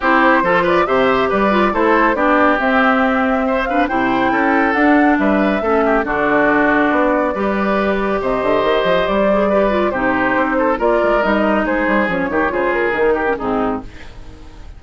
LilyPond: <<
  \new Staff \with { instrumentName = "flute" } { \time 4/4 \tempo 4 = 139 c''4. d''8 e''4 d''4 | c''4 d''4 e''2~ | e''8 f''8 g''2 fis''4 | e''2 d''2~ |
d''2. dis''4~ | dis''4 d''2 c''4~ | c''4 d''4 dis''4 c''4 | cis''4 c''8 ais'4. gis'4 | }
  \new Staff \with { instrumentName = "oboe" } { \time 4/4 g'4 a'8 b'8 c''4 b'4 | a'4 g'2. | c''8 b'8 c''4 a'2 | b'4 a'8 g'8 fis'2~ |
fis'4 b'2 c''4~ | c''2 b'4 g'4~ | g'8 a'8 ais'2 gis'4~ | gis'8 g'8 gis'4. g'8 dis'4 | }
  \new Staff \with { instrumentName = "clarinet" } { \time 4/4 e'4 f'4 g'4. f'8 | e'4 d'4 c'2~ | c'8 d'8 e'2 d'4~ | d'4 cis'4 d'2~ |
d'4 g'2.~ | g'4. gis'8 g'8 f'8 dis'4~ | dis'4 f'4 dis'2 | cis'8 dis'8 f'4 dis'8. cis'16 c'4 | }
  \new Staff \with { instrumentName = "bassoon" } { \time 4/4 c'4 f4 c4 g4 | a4 b4 c'2~ | c'4 c4 cis'4 d'4 | g4 a4 d2 |
b4 g2 c8 d8 | dis8 f8 g2 c4 | c'4 ais8 gis8 g4 gis8 g8 | f8 dis8 cis4 dis4 gis,4 | }
>>